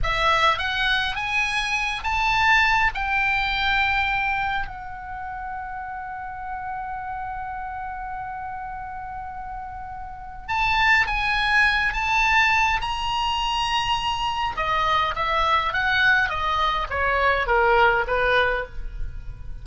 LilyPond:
\new Staff \with { instrumentName = "oboe" } { \time 4/4 \tempo 4 = 103 e''4 fis''4 gis''4. a''8~ | a''4 g''2. | fis''1~ | fis''1~ |
fis''2 a''4 gis''4~ | gis''8 a''4. ais''2~ | ais''4 dis''4 e''4 fis''4 | dis''4 cis''4 ais'4 b'4 | }